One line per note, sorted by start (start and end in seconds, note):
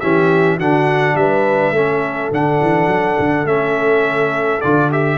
0.00 0.60 E3
0.00 0.60 C#4
0.00 0.57 G4
0.00 0.58 E5
0.57 1.15 D3
0.57 1.75 D4
0.57 1.14 F#4
0.57 1.16 F#5
1.15 1.72 G3
1.15 1.77 B4
1.15 2.32 E5
1.72 2.30 A3
1.72 2.33 C#4
1.72 5.18 A4
2.32 2.60 D3
2.32 3.47 D4
2.32 3.47 F#5
2.62 2.87 E3
2.87 3.16 F#3
3.20 3.45 D3
3.45 4.60 A3
3.45 4.62 C#4
3.45 4.61 E5
4.61 5.18 D3
4.61 4.91 F4
4.61 4.90 D5
4.91 5.18 G4
4.91 5.18 E5